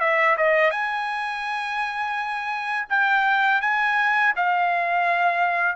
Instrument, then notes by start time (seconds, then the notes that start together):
trumpet
0.00 E5
0.37 D#5
0.71 G#5
2.89 G5
3.61 G#5
4.36 F5